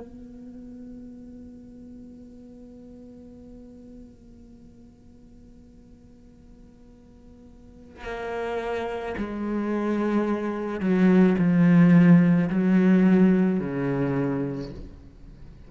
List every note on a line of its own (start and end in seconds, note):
0.00 8.04 B3
8.04 9.15 A#3
9.17 10.80 G#3
10.80 11.35 F#3
11.38 12.49 F3
12.49 13.60 F#3
13.60 14.71 C#3